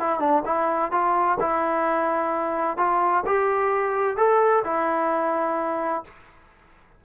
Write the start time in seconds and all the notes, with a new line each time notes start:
0.00 E4
0.20 D4
0.45 E4
0.92 F4
1.40 E4
2.78 F4
3.26 G4
4.17 A4
4.65 E4